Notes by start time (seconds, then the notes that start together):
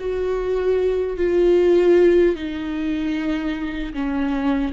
0.00 F#4
1.18 F4
2.36 D#4
3.94 C#4